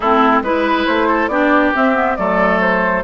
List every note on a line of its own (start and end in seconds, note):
0.00 0.41 A3
0.00 0.44 C4
0.00 0.42 E4
0.00 0.42 A4
0.41 0.85 G#3
0.41 1.31 E4
0.41 0.86 B4
0.41 1.08 B4
0.86 1.28 A3
0.86 1.28 C5
1.08 1.29 A4
1.28 1.71 B3
1.28 1.74 D4
1.28 2.17 G4
1.28 1.71 D5
1.75 1.94 C4
1.75 2.18 C4
1.75 2.16 E5
1.94 2.16 B3
2.16 3.04 F#3
2.16 3.04 A3
2.16 3.04 A4
2.16 2.59 D5
2.60 3.04 C5